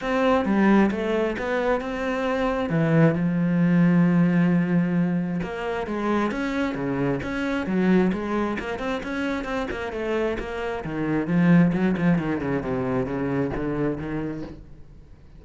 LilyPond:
\new Staff \with { instrumentName = "cello" } { \time 4/4 \tempo 4 = 133 c'4 g4 a4 b4 | c'2 e4 f4~ | f1 | ais4 gis4 cis'4 cis4 |
cis'4 fis4 gis4 ais8 c'8 | cis'4 c'8 ais8 a4 ais4 | dis4 f4 fis8 f8 dis8 cis8 | c4 cis4 d4 dis4 | }